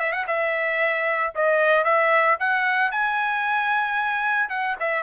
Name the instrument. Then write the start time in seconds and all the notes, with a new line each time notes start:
trumpet
0.00 E5
0.12 F#5
0.27 E5
1.35 D#5
1.84 E5
2.39 F#5
2.91 G#5
4.50 F#5
4.80 E5